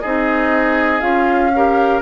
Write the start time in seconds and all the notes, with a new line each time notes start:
0.00 C4 D#4 G#4 D#5
1.00 C#4 F4 F5
1.55 G4 A#4